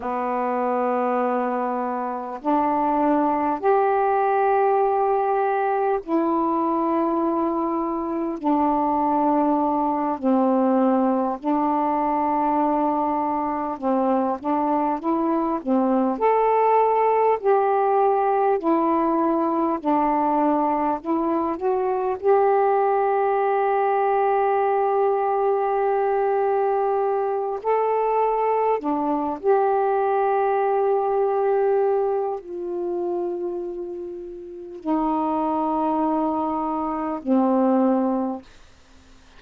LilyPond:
\new Staff \with { instrumentName = "saxophone" } { \time 4/4 \tempo 4 = 50 b2 d'4 g'4~ | g'4 e'2 d'4~ | d'8 c'4 d'2 c'8 | d'8 e'8 c'8 a'4 g'4 e'8~ |
e'8 d'4 e'8 fis'8 g'4.~ | g'2. a'4 | d'8 g'2~ g'8 f'4~ | f'4 dis'2 c'4 | }